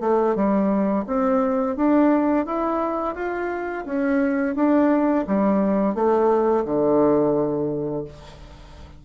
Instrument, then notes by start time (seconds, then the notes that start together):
bassoon
0.00 A3
0.35 G3
1.06 C4
1.76 D4
2.45 E4
3.15 F4
3.85 C#4
4.55 D4
5.26 G3
5.94 A3
6.65 D3